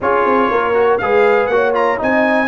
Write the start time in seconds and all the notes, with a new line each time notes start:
0.00 C#4 F4 G#4 C#5
0.25 C4
0.50 A#3 A#4
0.73 F#4
0.98 G#3 G#4 B4 F5
1.46 A#3 F#4 F#5
1.53 C#5
1.74 F4 A#5
1.97 C4 D#4 D#5 G#5